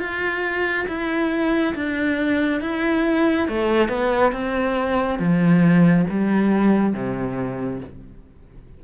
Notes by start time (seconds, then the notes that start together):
0.00 F4
0.88 E4
1.75 D4
2.61 E4
3.48 A3
3.89 B3
4.32 C4
5.19 F3
6.10 G3
6.94 C3